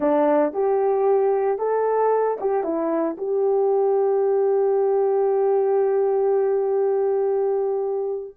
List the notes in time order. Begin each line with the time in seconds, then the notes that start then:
0.00 D4
0.53 G4
1.58 A4
2.40 G4
2.63 E4
3.17 G4